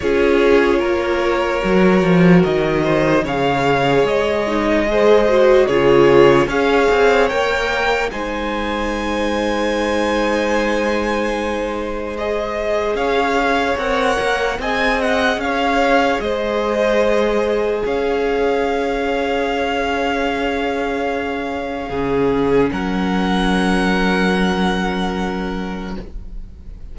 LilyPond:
<<
  \new Staff \with { instrumentName = "violin" } { \time 4/4 \tempo 4 = 74 cis''2. dis''4 | f''4 dis''2 cis''4 | f''4 g''4 gis''2~ | gis''2. dis''4 |
f''4 fis''4 gis''8 fis''8 f''4 | dis''2 f''2~ | f''1 | fis''1 | }
  \new Staff \with { instrumentName = "violin" } { \time 4/4 gis'4 ais'2~ ais'8 c''8 | cis''2 c''4 gis'4 | cis''2 c''2~ | c''1 |
cis''2 dis''4 cis''4 | c''2 cis''2~ | cis''2. gis'4 | ais'1 | }
  \new Staff \with { instrumentName = "viola" } { \time 4/4 f'2 fis'2 | gis'4. dis'8 gis'8 fis'8 f'4 | gis'4 ais'4 dis'2~ | dis'2. gis'4~ |
gis'4 ais'4 gis'2~ | gis'1~ | gis'2. cis'4~ | cis'1 | }
  \new Staff \with { instrumentName = "cello" } { \time 4/4 cis'4 ais4 fis8 f8 dis4 | cis4 gis2 cis4 | cis'8 c'8 ais4 gis2~ | gis1 |
cis'4 c'8 ais8 c'4 cis'4 | gis2 cis'2~ | cis'2. cis4 | fis1 | }
>>